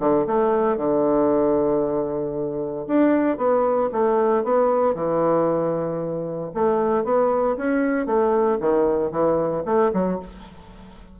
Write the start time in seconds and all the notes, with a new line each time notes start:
0.00 D3
0.27 A3
0.78 D3
2.88 D4
3.38 B3
3.93 A3
4.44 B3
4.95 E3
6.55 A3
7.05 B3
7.58 C#4
8.07 A3
8.61 D#3
9.12 E3
9.66 A3
9.94 F#3